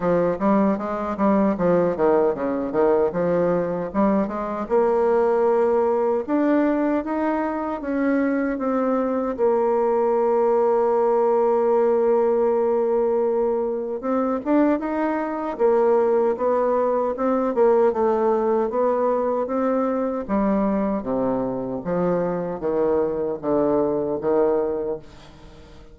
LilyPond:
\new Staff \with { instrumentName = "bassoon" } { \time 4/4 \tempo 4 = 77 f8 g8 gis8 g8 f8 dis8 cis8 dis8 | f4 g8 gis8 ais2 | d'4 dis'4 cis'4 c'4 | ais1~ |
ais2 c'8 d'8 dis'4 | ais4 b4 c'8 ais8 a4 | b4 c'4 g4 c4 | f4 dis4 d4 dis4 | }